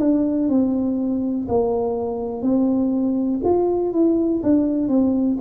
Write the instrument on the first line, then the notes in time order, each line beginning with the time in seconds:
tuba
0.00 D4
0.49 C4
1.48 A#3
2.42 C4
3.45 F4
3.93 E4
4.44 D4
4.89 C4